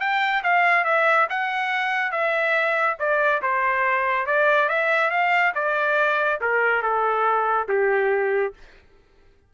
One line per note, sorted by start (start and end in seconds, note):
0.00 0.43 G5
0.43 0.85 F5
0.85 1.27 E5
1.30 2.12 F#5
2.12 2.97 E5
2.99 3.42 D5
3.42 4.27 C5
4.27 4.69 D5
4.69 5.10 E5
5.10 5.53 F5
5.55 6.40 D5
6.41 6.83 A#4
6.83 7.68 A4
7.68 8.54 G4